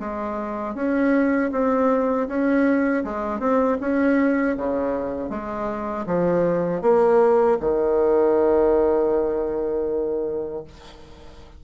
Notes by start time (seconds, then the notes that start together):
0.00 G#3
0.76 C#4
1.52 C4
2.28 C#4
3.04 G#3
3.40 C4
3.81 C#4
4.57 C#3
5.30 G#3
6.06 F3
6.82 A#3
7.61 D#3